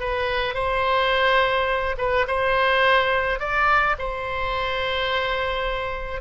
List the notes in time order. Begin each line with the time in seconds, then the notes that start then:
0.00 B4
0.54 C5
1.98 B4
2.27 C5
3.39 D5
3.99 C5